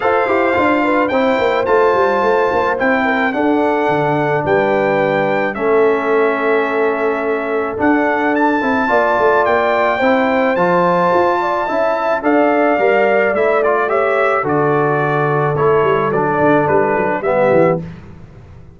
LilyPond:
<<
  \new Staff \with { instrumentName = "trumpet" } { \time 4/4 \tempo 4 = 108 f''2 g''4 a''4~ | a''4 g''4 fis''2 | g''2 e''2~ | e''2 fis''4 a''4~ |
a''4 g''2 a''4~ | a''2 f''2 | e''8 d''8 e''4 d''2 | cis''4 d''4 b'4 e''4 | }
  \new Staff \with { instrumentName = "horn" } { \time 4/4 c''4. b'8 c''2~ | c''4. ais'8 a'2 | b'2 a'2~ | a'1 |
d''2 c''2~ | c''8 d''8 e''4 d''2~ | d''4 cis''4 a'2~ | a'2. g'4 | }
  \new Staff \with { instrumentName = "trombone" } { \time 4/4 a'8 g'8 f'4 e'4 f'4~ | f'4 e'4 d'2~ | d'2 cis'2~ | cis'2 d'4. e'8 |
f'2 e'4 f'4~ | f'4 e'4 a'4 ais'4 | e'8 f'8 g'4 fis'2 | e'4 d'2 b4 | }
  \new Staff \with { instrumentName = "tuba" } { \time 4/4 f'8 e'8 d'4 c'8 ais8 a8 g8 | a8 ais8 c'4 d'4 d4 | g2 a2~ | a2 d'4. c'8 |
ais8 a8 ais4 c'4 f4 | f'4 cis'4 d'4 g4 | a2 d2 | a8 g8 fis8 d8 g8 fis8 g8 e8 | }
>>